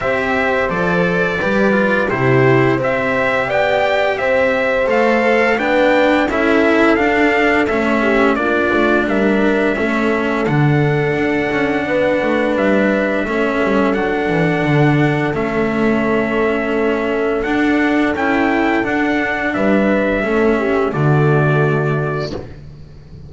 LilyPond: <<
  \new Staff \with { instrumentName = "trumpet" } { \time 4/4 \tempo 4 = 86 e''4 d''2 c''4 | e''4 g''4 e''4 f''4 | g''4 e''4 f''4 e''4 | d''4 e''2 fis''4~ |
fis''2 e''2 | fis''2 e''2~ | e''4 fis''4 g''4 fis''4 | e''2 d''2 | }
  \new Staff \with { instrumentName = "horn" } { \time 4/4 c''2 b'4 g'4 | c''4 d''4 c''2 | b'4 a'2~ a'8 g'8 | f'4 ais'4 a'2~ |
a'4 b'2 a'4~ | a'1~ | a'1 | b'4 a'8 g'8 fis'2 | }
  \new Staff \with { instrumentName = "cello" } { \time 4/4 g'4 a'4 g'8 f'8 e'4 | g'2. a'4 | d'4 e'4 d'4 cis'4 | d'2 cis'4 d'4~ |
d'2. cis'4 | d'2 cis'2~ | cis'4 d'4 e'4 d'4~ | d'4 cis'4 a2 | }
  \new Staff \with { instrumentName = "double bass" } { \time 4/4 c'4 f4 g4 c4 | c'4 b4 c'4 a4 | b4 cis'4 d'4 a4 | ais8 a8 g4 a4 d4 |
d'8 cis'8 b8 a8 g4 a8 g8 | fis8 e8 d4 a2~ | a4 d'4 cis'4 d'4 | g4 a4 d2 | }
>>